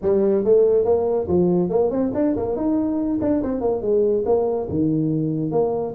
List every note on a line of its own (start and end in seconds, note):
0.02 0.44 G3
0.44 0.84 A3
0.84 1.27 A#3
1.28 1.69 F3
1.69 1.90 A#3
1.90 2.11 C4
2.14 2.35 D4
2.36 2.56 A#3
2.56 3.19 D#4
3.21 3.42 D4
3.43 3.61 C4
3.61 3.81 A#3
3.81 4.24 G#3
4.25 4.68 A#3
4.69 5.51 D#3
5.51 5.94 A#3